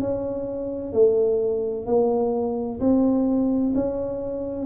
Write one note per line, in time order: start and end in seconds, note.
0.00 0.92 C#4
0.92 1.85 A3
1.85 2.79 A#3
2.80 3.73 C4
3.75 4.66 C#4